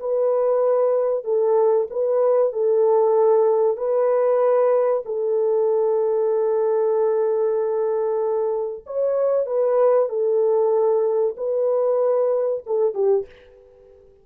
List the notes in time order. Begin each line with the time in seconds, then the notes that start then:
0.00 B4
1.24 A4
1.90 B4
2.53 A4
3.77 B4
5.06 A4
8.86 C#5
9.46 B4
10.09 A4
11.37 B4
12.66 A4
12.94 G4